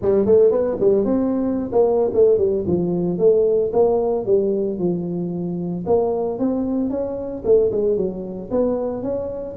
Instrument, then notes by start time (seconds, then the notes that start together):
tuba
0.01 G3
0.25 A3
0.51 B3
0.79 G3
1.04 C4
1.72 A#3
2.13 A3
2.37 G3
2.67 F3
3.18 A3
3.72 A#3
4.25 G3
4.78 F3
5.86 A#3
6.38 C4
6.90 C#4
7.44 A3
7.71 G#3
7.96 F#3
8.51 B3
9.03 C#4